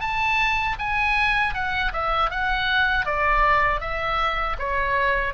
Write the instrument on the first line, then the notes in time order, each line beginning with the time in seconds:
oboe
0.00 A5
0.79 G#5
1.54 F#5
1.93 E5
2.30 F#5
3.06 D5
3.80 E5
4.59 C#5